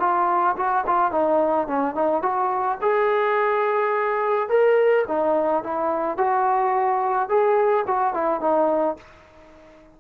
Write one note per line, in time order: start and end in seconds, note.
0.00 0.56 F4
0.57 0.85 F#4
0.87 1.12 F4
1.12 1.68 D#4
1.68 1.95 C#4
1.95 2.23 D#4
2.23 2.79 F#4
2.82 4.49 G#4
4.49 5.05 A#4
5.08 5.64 D#4
5.64 6.18 E4
6.18 7.29 F#4
7.29 7.86 G#4
7.88 8.14 F#4
8.14 8.41 E4
8.41 8.97 D#4